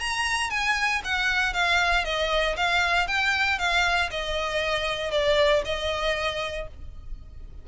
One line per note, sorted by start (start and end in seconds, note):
0.00 0.50 A#5
0.50 1.02 G#5
1.04 1.53 F#5
1.53 2.05 F5
2.05 2.56 D#5
2.57 3.07 F5
3.07 3.59 G5
3.59 4.10 F5
4.11 5.11 D#5
5.11 5.62 D5
5.65 6.68 D#5